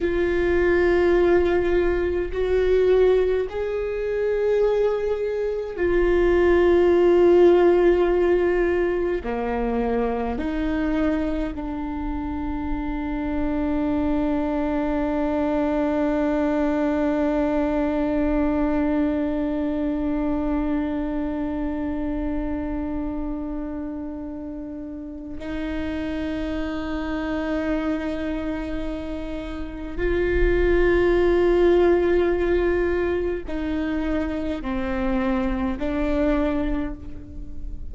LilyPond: \new Staff \with { instrumentName = "viola" } { \time 4/4 \tempo 4 = 52 f'2 fis'4 gis'4~ | gis'4 f'2. | ais4 dis'4 d'2~ | d'1~ |
d'1~ | d'2 dis'2~ | dis'2 f'2~ | f'4 dis'4 c'4 d'4 | }